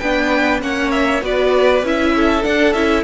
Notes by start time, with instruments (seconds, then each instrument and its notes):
0.00 cello B3, viola D4, violin B4 G5
0.62 cello A#3, viola C#4, violin C#5 F#5
0.91 violin E5
1.22 cello B3, viola F#4, violin B4 D5
1.83 cello C#4, viola E4, violin E5
2.16 violin A4
2.43 viola D4, cello D4, violin F#5
2.74 cello C#4, viola E4, violin E5